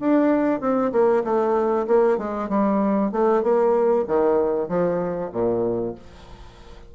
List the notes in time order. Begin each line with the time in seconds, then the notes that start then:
0.00 D4
0.61 C4
0.92 A#3
1.24 A3
1.87 A#3
2.18 G#3
2.49 G3
3.12 A3
3.43 A#3
4.07 D#3
4.68 F3
5.32 A#2